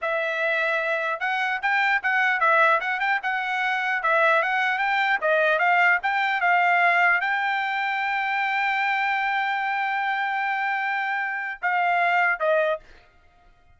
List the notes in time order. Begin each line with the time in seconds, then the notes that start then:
0.01 E5
1.20 F#5
1.61 G5
2.02 F#5
2.40 E5
2.80 F#5
3.00 G5
3.22 F#5
4.02 E5
4.42 F#5
4.78 G5
5.21 D#5
5.58 F5
6.02 G5
6.41 F5
7.21 G5
11.62 F5
12.39 D#5